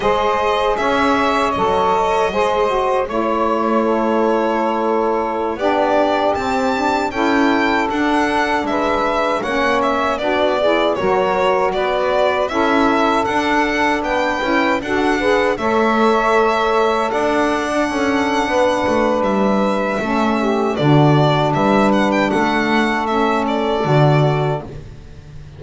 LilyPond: <<
  \new Staff \with { instrumentName = "violin" } { \time 4/4 \tempo 4 = 78 dis''4 e''4 dis''2 | cis''2.~ cis''16 d''8.~ | d''16 a''4 g''4 fis''4 e''8.~ | e''16 fis''8 e''8 d''4 cis''4 d''8.~ |
d''16 e''4 fis''4 g''4 fis''8.~ | fis''16 e''2 fis''4.~ fis''16~ | fis''4 e''2 d''4 | e''8 fis''16 g''16 fis''4 e''8 d''4. | }
  \new Staff \with { instrumentName = "saxophone" } { \time 4/4 c''4 cis''2 c''4 | cis''4 a'2~ a'16 g'8.~ | g'4~ g'16 a'2 b'8.~ | b'16 cis''4 fis'8 gis'8 ais'4 b'8.~ |
b'16 a'2 b'4 a'8 b'16~ | b'16 cis''2 d''4 a'8. | b'2 a'8 g'8 fis'4 | b'4 a'2. | }
  \new Staff \with { instrumentName = "saxophone" } { \time 4/4 gis'2 a'4 gis'8 fis'8 | e'2.~ e'16 d'8.~ | d'16 c'8 d'8 e'4 d'4.~ d'16~ | d'16 cis'4 d'8 e'8 fis'4.~ fis'16~ |
fis'16 e'4 d'4. e'8 fis'8 gis'16~ | gis'16 a'2~ a'8. d'4~ | d'2 cis'4 d'4~ | d'2 cis'4 fis'4 | }
  \new Staff \with { instrumentName = "double bass" } { \time 4/4 gis4 cis'4 fis4 gis4 | a2.~ a16 b8.~ | b16 c'4 cis'4 d'4 gis8.~ | gis16 ais4 b4 fis4 b8.~ |
b16 cis'4 d'4 b8 cis'8 d'8.~ | d'16 a2 d'4 cis'8. | b8 a8 g4 a4 d4 | g4 a2 d4 | }
>>